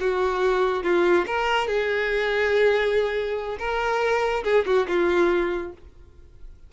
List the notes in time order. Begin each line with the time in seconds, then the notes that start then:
0.00 F#4
0.83 F4
1.27 A#4
1.67 G#4
3.59 A#4
4.44 G#4
4.66 F#4
4.88 F4